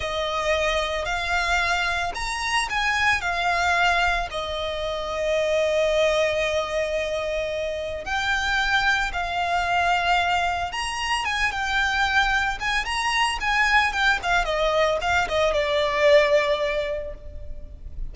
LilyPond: \new Staff \with { instrumentName = "violin" } { \time 4/4 \tempo 4 = 112 dis''2 f''2 | ais''4 gis''4 f''2 | dis''1~ | dis''2. g''4~ |
g''4 f''2. | ais''4 gis''8 g''2 gis''8 | ais''4 gis''4 g''8 f''8 dis''4 | f''8 dis''8 d''2. | }